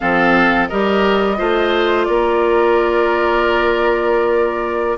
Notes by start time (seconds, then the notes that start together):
0.00 F3 C4 A4 F5
0.68 G3 G4 A#4 D#5
1.36 A3 F4 C5
2.04 A#3 A#4 D5